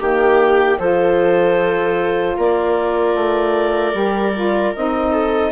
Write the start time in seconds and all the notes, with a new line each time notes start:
0.00 D#3 A#3 G4 G5
0.79 F3 F4 A4 C5
2.37 A#3 A#4 D5
3.15 A3
3.93 G3 G4
4.34 F4
4.76 C4 D#4 D#5
5.12 A4